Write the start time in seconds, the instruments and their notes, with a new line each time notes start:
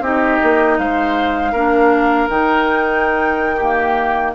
0.00 bassoon C4, clarinet D#4, oboe G4, flute D#5
0.43 bassoon A#3
0.79 bassoon G#3, oboe C5, flute F5
1.52 bassoon A#3, clarinet D4, oboe A#4
2.29 bassoon D#3, clarinet D#4, flute G5
3.56 clarinet A#3, oboe G4